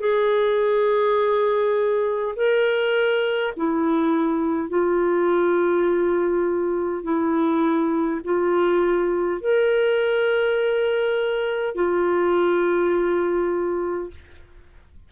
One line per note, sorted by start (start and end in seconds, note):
0.00 2.35 G#4
2.36 3.53 A#4
3.57 4.69 E4
4.69 7.03 F4
7.03 8.21 E4
8.24 9.41 F4
9.41 11.75 A#4
11.75 14.11 F4